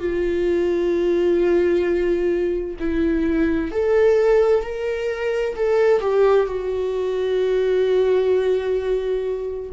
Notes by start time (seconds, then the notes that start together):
0.00 F4
2.80 E4
3.72 A4
4.64 A#4
5.56 A4
6.01 G4
6.47 F#4